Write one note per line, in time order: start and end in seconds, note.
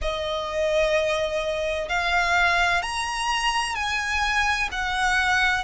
0.01 1.88 D#5
1.88 2.82 F5
2.82 3.75 A#5
3.75 4.68 G#5
4.71 5.64 F#5